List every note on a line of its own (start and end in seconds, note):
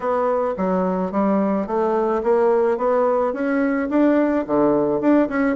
0.00 0.54 B3
0.57 1.11 F#3
1.11 1.66 G3
1.66 2.22 A3
2.23 2.77 A#3
2.77 3.33 B3
3.33 3.88 C#4
3.89 4.45 D4
4.46 5.00 D3
5.00 5.28 D4
5.28 5.56 C#4